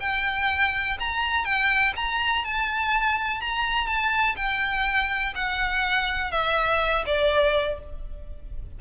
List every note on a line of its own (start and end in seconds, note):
0.00 0.98 G5
0.99 1.44 A#5
1.44 1.93 G5
1.96 2.44 A#5
2.44 3.41 A5
3.41 3.86 A#5
3.86 4.35 A5
4.36 5.33 G5
5.35 6.31 F#5
6.31 7.04 E5
7.06 7.79 D5